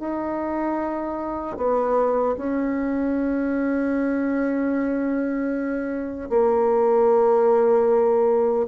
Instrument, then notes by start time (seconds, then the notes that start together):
bassoon
0.00 D#4
1.58 B3
2.37 C#4
6.30 A#3